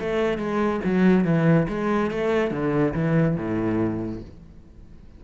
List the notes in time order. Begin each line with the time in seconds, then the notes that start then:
0.00 A3
0.38 G#3
0.85 F#3
1.24 E3
1.68 G#3
2.11 A3
2.51 D3
2.94 E3
3.36 A2